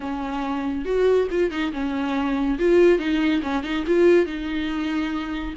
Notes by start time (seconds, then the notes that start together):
0.00 C#4
0.85 F#4
1.31 F4
1.50 D#4
1.72 C#4
2.59 F4
2.98 D#4
3.42 C#4
3.63 D#4
3.86 F4
4.25 D#4